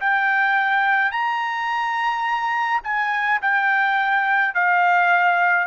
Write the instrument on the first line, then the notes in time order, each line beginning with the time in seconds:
trumpet
0.00 G5
1.11 A#5
2.84 G#5
3.42 G5
4.54 F5